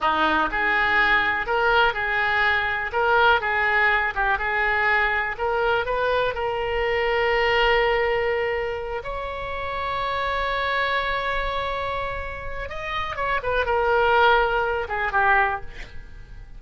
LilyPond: \new Staff \with { instrumentName = "oboe" } { \time 4/4 \tempo 4 = 123 dis'4 gis'2 ais'4 | gis'2 ais'4 gis'4~ | gis'8 g'8 gis'2 ais'4 | b'4 ais'2.~ |
ais'2~ ais'8 cis''4.~ | cis''1~ | cis''2 dis''4 cis''8 b'8 | ais'2~ ais'8 gis'8 g'4 | }